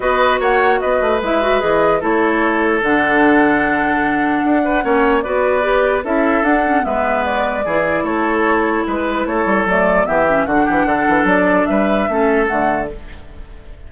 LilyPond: <<
  \new Staff \with { instrumentName = "flute" } { \time 4/4 \tempo 4 = 149 dis''4 fis''4 dis''4 e''4 | dis''4 cis''2 fis''4~ | fis''1~ | fis''4 d''2 e''4 |
fis''4 e''4 d''2 | cis''2 b'4 cis''4 | d''4 e''4 fis''2 | d''4 e''2 fis''4 | }
  \new Staff \with { instrumentName = "oboe" } { \time 4/4 b'4 cis''4 b'2~ | b'4 a'2.~ | a'2.~ a'8 b'8 | cis''4 b'2 a'4~ |
a'4 b'2 gis'4 | a'2 b'4 a'4~ | a'4 g'4 fis'8 g'8 a'4~ | a'4 b'4 a'2 | }
  \new Staff \with { instrumentName = "clarinet" } { \time 4/4 fis'2. e'8 fis'8 | gis'4 e'2 d'4~ | d'1 | cis'4 fis'4 g'4 e'4 |
d'8 cis'8 b2 e'4~ | e'1 | a4 b8 cis'8 d'2~ | d'2 cis'4 a4 | }
  \new Staff \with { instrumentName = "bassoon" } { \time 4/4 b4 ais4 b8 a8 gis4 | e4 a2 d4~ | d2. d'4 | ais4 b2 cis'4 |
d'4 gis2 e4 | a2 gis4 a8 g8 | fis4 e4 d8 e8 d8 e8 | fis4 g4 a4 d4 | }
>>